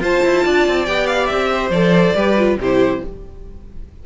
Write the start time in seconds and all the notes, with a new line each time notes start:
0.00 F4 C5 A5
0.25 E4
0.45 D4 D5
0.69 C4
0.86 B3 G4 G5
1.07 F5
1.27 C4 E5
1.53 C5
1.70 F3 A4 D5
2.16 G3 G4 B4
2.37 F4
2.57 C3 G4 C5
2.64 E4